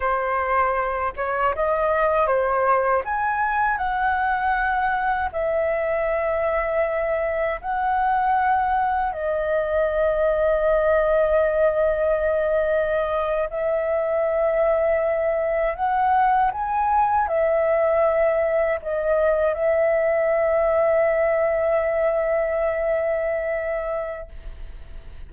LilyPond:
\new Staff \with { instrumentName = "flute" } { \time 4/4 \tempo 4 = 79 c''4. cis''8 dis''4 c''4 | gis''4 fis''2 e''4~ | e''2 fis''2 | dis''1~ |
dis''4.~ dis''16 e''2~ e''16~ | e''8. fis''4 gis''4 e''4~ e''16~ | e''8. dis''4 e''2~ e''16~ | e''1 | }